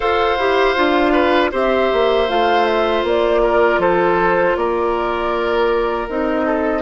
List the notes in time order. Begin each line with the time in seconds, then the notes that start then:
0.00 F4 A4 C5 F5
0.37 E4 G4
0.76 D4 F4
1.12 B4
1.51 C4 G4 C5 E5
1.92 A#3
2.28 A3 F4 F5
2.65 E5
3.03 A#3 D5
3.42 A#4
3.78 F3 A4 C5
4.56 A#3 A#4 D5
6.08 C4 D#4 D#5
6.46 A4